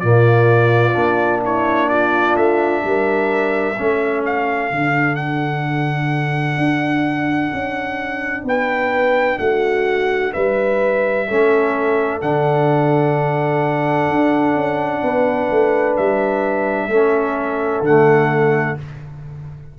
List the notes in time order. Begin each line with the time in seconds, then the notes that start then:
0.00 A#2 A#3 F4 D5
0.94 A#3 D4
1.43 E4 C#5
1.89 F4 D5
2.36 A3 E5
2.84 G3 A#4
3.78 A3 C#4 A4
4.26 F5
4.71 D3 D4
5.16 F#5
6.58 D4
7.54 C#4
8.44 B3 B4 G5
9.39 A3 F#4 F#5
10.33 G3 B4 E5
11.28 A3 C#4 A4
12.22 D3 D4 F#5
14.09 D4
14.55 C#4
15.03 B3 B4
15.51 A3
15.97 G3 E5
16.88 A3 C#4 A4
17.81 D3 A3 F#5